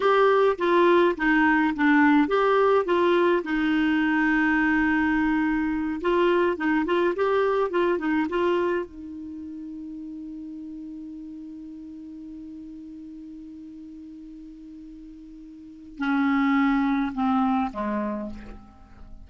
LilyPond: \new Staff \with { instrumentName = "clarinet" } { \time 4/4 \tempo 4 = 105 g'4 f'4 dis'4 d'4 | g'4 f'4 dis'2~ | dis'2~ dis'8 f'4 dis'8 | f'8 g'4 f'8 dis'8 f'4 dis'8~ |
dis'1~ | dis'1~ | dis'1 | cis'2 c'4 gis4 | }